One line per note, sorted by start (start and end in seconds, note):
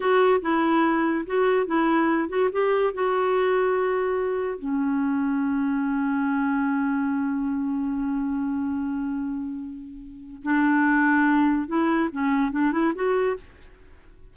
0.00 0.41 F#4
0.41 1.25 E4
1.26 1.66 F#4
1.66 2.28 E4
2.28 2.49 F#4
2.52 2.93 G4
2.93 4.59 F#4
4.59 10.42 C#4
10.42 11.67 D4
11.67 12.09 E4
12.12 12.51 C#4
12.51 12.72 D4
12.72 12.93 E4
12.95 13.36 F#4